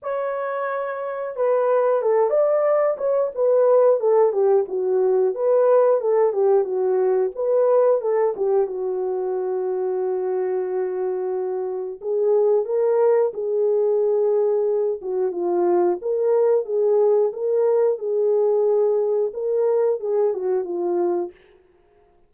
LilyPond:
\new Staff \with { instrumentName = "horn" } { \time 4/4 \tempo 4 = 90 cis''2 b'4 a'8 d''8~ | d''8 cis''8 b'4 a'8 g'8 fis'4 | b'4 a'8 g'8 fis'4 b'4 | a'8 g'8 fis'2.~ |
fis'2 gis'4 ais'4 | gis'2~ gis'8 fis'8 f'4 | ais'4 gis'4 ais'4 gis'4~ | gis'4 ais'4 gis'8 fis'8 f'4 | }